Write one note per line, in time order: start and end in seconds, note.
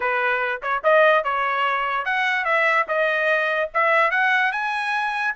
0.00 0.61 B4
0.62 0.83 C#5
0.83 1.24 D#5
1.24 2.05 C#5
2.05 2.45 F#5
2.45 2.86 E5
2.87 3.70 D#5
3.73 4.11 E5
4.11 4.52 F#5
4.52 5.34 G#5